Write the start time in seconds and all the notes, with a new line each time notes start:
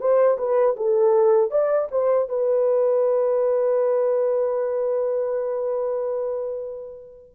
0.00 C5
0.38 B4
0.76 A4
1.51 D5
1.91 C5
2.29 B4